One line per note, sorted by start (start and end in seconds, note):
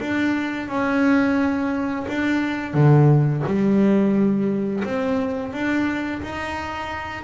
0.00 0.68 D4
0.68 2.06 C#4
2.08 2.74 D4
2.74 3.43 D3
3.46 4.84 G3
4.84 5.53 C4
5.53 6.22 D4
6.22 7.24 D#4